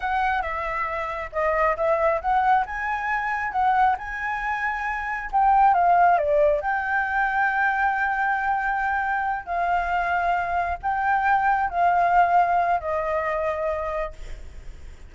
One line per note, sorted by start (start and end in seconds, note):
0.00 0.42 F#5
0.42 1.30 E5
1.32 1.76 D#5
1.76 2.21 E5
2.21 2.65 F#5
2.66 3.52 G#5
3.52 3.96 F#5
3.98 5.30 G#5
5.32 5.74 G5
5.74 6.18 F5
6.18 6.61 D5
6.61 9.45 G5
9.45 10.78 F5
10.82 11.70 G5
11.70 12.80 F5
12.80 14.13 D#5